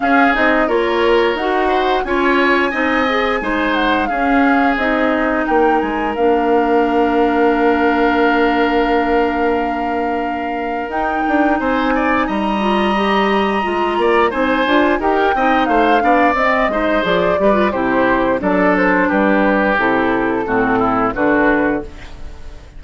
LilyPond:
<<
  \new Staff \with { instrumentName = "flute" } { \time 4/4 \tempo 4 = 88 f''8 dis''8 cis''4 fis''4 gis''4~ | gis''4. fis''8 f''4 dis''4 | g''8 gis''8 f''2.~ | f''1 |
g''4 gis''4 ais''2~ | ais''4 gis''4 g''4 f''4 | dis''4 d''4 c''4 d''8 c''8 | b'4 a'2 b'4 | }
  \new Staff \with { instrumentName = "oboe" } { \time 4/4 gis'4 ais'4. c''8 cis''4 | dis''4 c''4 gis'2 | ais'1~ | ais'1~ |
ais'4 c''8 d''8 dis''2~ | dis''8 d''8 c''4 ais'8 dis''8 c''8 d''8~ | d''8 c''4 b'8 g'4 a'4 | g'2 fis'8 e'8 fis'4 | }
  \new Staff \with { instrumentName = "clarinet" } { \time 4/4 cis'8 dis'8 f'4 fis'4 f'4 | dis'8 gis'8 dis'4 cis'4 dis'4~ | dis'4 d'2.~ | d'1 |
dis'2~ dis'8 f'8 g'4 | f'4 dis'8 f'8 g'8 dis'4 d'8 | c'8 dis'8 gis'8 g'16 f'16 e'4 d'4~ | d'4 e'4 c'4 d'4 | }
  \new Staff \with { instrumentName = "bassoon" } { \time 4/4 cis'8 c'8 ais4 dis'4 cis'4 | c'4 gis4 cis'4 c'4 | ais8 gis8 ais2.~ | ais1 |
dis'8 d'8 c'4 g2 | gis8 ais8 c'8 d'8 dis'8 c'8 a8 b8 | c'8 gis8 f8 g8 c4 fis4 | g4 c4 a,4 d4 | }
>>